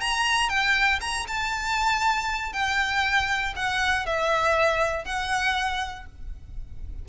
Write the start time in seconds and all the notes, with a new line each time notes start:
0.00 A#5
0.49 G5
1.01 A#5
1.27 A5
2.53 G5
3.55 F#5
4.06 E5
5.05 F#5